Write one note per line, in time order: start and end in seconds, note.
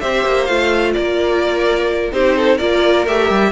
0.00 0.25 C4
0.00 0.48 G4
0.00 0.94 C5
0.00 0.45 E5
0.25 0.48 A#3
0.45 0.95 A3
0.45 2.11 F4
0.45 0.92 F5
0.93 2.12 A#3
0.93 2.13 A#4
0.93 2.10 D5
2.11 2.59 C4
2.11 2.58 D#4
2.11 2.36 G4
2.11 2.58 C5
2.36 2.56 A4
2.56 3.06 A#3
2.56 3.06 F4
2.56 3.50 A#4
2.56 3.05 D5
3.06 3.30 A3
3.06 3.51 G4
3.06 3.51 E5
3.30 3.51 G3